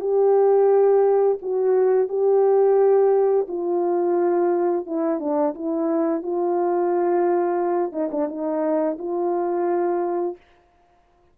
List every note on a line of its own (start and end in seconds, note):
0.00 1.38 G4
1.41 2.08 F#4
2.08 3.46 G4
3.48 4.86 F4
4.86 5.19 E4
5.19 5.54 D4
5.54 6.23 E4
6.23 7.92 F4
7.92 8.09 D#4
8.11 8.28 D4
8.28 8.97 D#4
8.98 10.36 F4